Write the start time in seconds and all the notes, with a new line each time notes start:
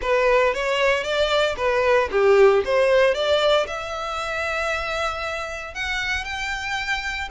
0.01 B4
0.54 C#5
1.03 D5
1.57 B4
2.11 G4
2.64 C5
3.14 D5
3.67 E5
5.74 F#5
6.24 G5